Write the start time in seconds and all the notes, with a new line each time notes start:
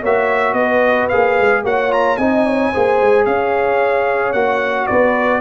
0.00 A#3 F#4 C#5 E5
0.53 B3 B4 D#5
1.08 A#3 G#4 F5
1.39 G#3
1.64 A#3 F#4 C#5 F#5
1.90 F4 A#5
2.17 C4 D#4 D#5 G#5
2.45 C#5
2.72 A#3 G#4 C5
3.01 G#3
3.25 C#4 C#5 F5
4.32 A#3 F#4 F#5
4.86 B3 B4 D5